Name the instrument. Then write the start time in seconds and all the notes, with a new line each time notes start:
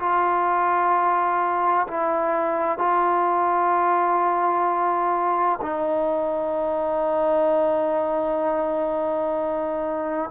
trombone
0.00 F4
1.88 E4
2.79 F4
5.62 D#4